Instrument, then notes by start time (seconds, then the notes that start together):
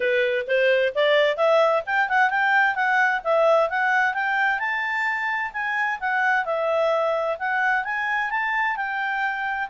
clarinet
0.00 B4
0.47 C5
0.94 D5
1.36 E5
1.86 G5
2.09 F#5
2.30 G5
2.75 F#5
3.23 E5
3.69 F#5
4.14 G5
4.59 A5
5.53 G#5
6.00 F#5
6.45 E5
7.38 F#5
7.84 G#5
8.30 A5
8.76 G5